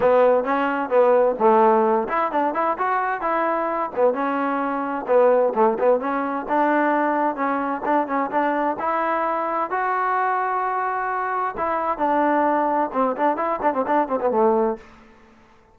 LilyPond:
\new Staff \with { instrumentName = "trombone" } { \time 4/4 \tempo 4 = 130 b4 cis'4 b4 a4~ | a8 e'8 d'8 e'8 fis'4 e'4~ | e'8 b8 cis'2 b4 | a8 b8 cis'4 d'2 |
cis'4 d'8 cis'8 d'4 e'4~ | e'4 fis'2.~ | fis'4 e'4 d'2 | c'8 d'8 e'8 d'16 c'16 d'8 c'16 b16 a4 | }